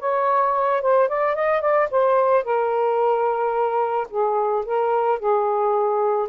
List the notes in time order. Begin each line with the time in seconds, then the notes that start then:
0.00 C#5
0.82 C5
1.09 D5
1.35 D#5
1.61 D5
1.91 C5
2.44 A#4
4.10 G#4
4.65 A#4
5.19 G#4